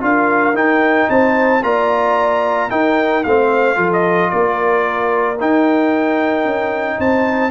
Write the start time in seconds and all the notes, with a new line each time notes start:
0.00 D4 F4 A#4 F5
0.54 D#4 G5
1.09 C4 C5 A5
1.62 A#3 F4 D5 A#5
2.69 D#4 A#4 G5
3.24 A3 C4 C5 F5
3.75 F3 F4 A4
3.93 D#5
4.30 A#3 A#4 D5
5.40 D#4 G5
6.45 C#4
6.98 C4 C5 A5